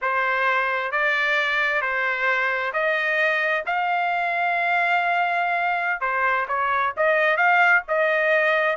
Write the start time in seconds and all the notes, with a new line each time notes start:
0.01 C5
0.91 D5
1.81 C5
2.73 D#5
3.66 F5
6.00 C5
6.48 C#5
6.96 D#5
7.36 F5
7.88 D#5